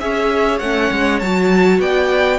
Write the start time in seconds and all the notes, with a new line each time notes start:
0.00 C#4 G#4 C#5 E5
0.59 A3 C#4 F#5
0.91 G#3
1.19 F#3 F#4 A5
1.79 B3 D5 G5